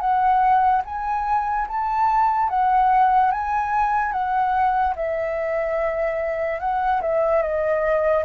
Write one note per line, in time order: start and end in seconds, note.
0.00 0.82 F#5
0.86 1.68 G#5
1.68 2.49 A5
2.49 3.31 F#5
3.32 4.12 G#5
4.12 4.95 F#5
4.96 6.60 E5
6.60 7.01 F#5
7.02 7.42 E5
7.42 8.25 D#5